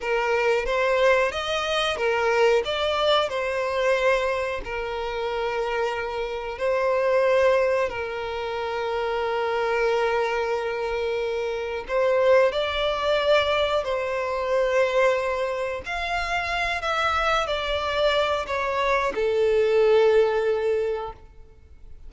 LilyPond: \new Staff \with { instrumentName = "violin" } { \time 4/4 \tempo 4 = 91 ais'4 c''4 dis''4 ais'4 | d''4 c''2 ais'4~ | ais'2 c''2 | ais'1~ |
ais'2 c''4 d''4~ | d''4 c''2. | f''4. e''4 d''4. | cis''4 a'2. | }